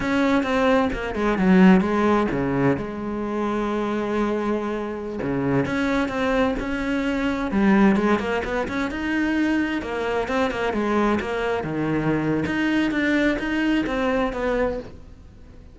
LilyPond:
\new Staff \with { instrumentName = "cello" } { \time 4/4 \tempo 4 = 130 cis'4 c'4 ais8 gis8 fis4 | gis4 cis4 gis2~ | gis2.~ gis16 cis8.~ | cis16 cis'4 c'4 cis'4.~ cis'16~ |
cis'16 g4 gis8 ais8 b8 cis'8 dis'8.~ | dis'4~ dis'16 ais4 c'8 ais8 gis8.~ | gis16 ais4 dis4.~ dis16 dis'4 | d'4 dis'4 c'4 b4 | }